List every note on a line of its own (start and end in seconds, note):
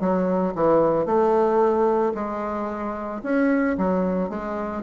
0.00 0.54 F#3
0.55 1.06 E3
1.06 2.13 A3
2.15 3.22 G#3
3.23 3.76 C#4
3.78 4.30 F#3
4.30 4.83 G#3